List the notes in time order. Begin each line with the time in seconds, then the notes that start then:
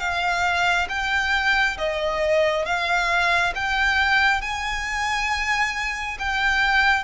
0.00 F5
0.89 G5
1.78 D#5
2.66 F5
3.55 G5
4.42 G#5
6.19 G5